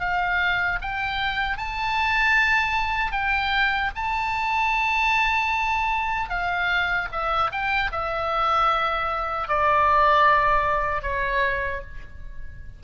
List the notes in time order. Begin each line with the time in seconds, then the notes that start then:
0.00 F5
0.82 G5
1.58 A5
3.12 G5
3.95 A5
6.29 F5
7.12 E5
7.52 G5
7.92 E5
9.48 D5
11.02 C#5